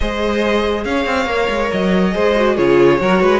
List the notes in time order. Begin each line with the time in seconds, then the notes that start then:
0.00 G#3 G#4 C5 D#5
0.84 C#4 C#5 F5
1.05 C4
1.26 A#3 A#4
1.49 G#3
1.71 F#3 D#5
2.12 G#3 G#4 C5
2.35 F#4
2.55 C#3 F4 G#4 C#5
2.99 F#3 F#4 A#4
3.21 G#3 B4